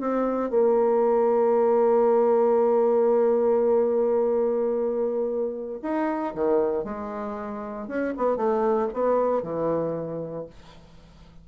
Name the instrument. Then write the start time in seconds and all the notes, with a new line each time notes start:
bassoon
0.00 C4
0.50 A#3
5.82 D#4
6.34 D#3
6.84 G#3
7.88 C#4
8.17 B3
8.36 A3
8.93 B3
9.43 E3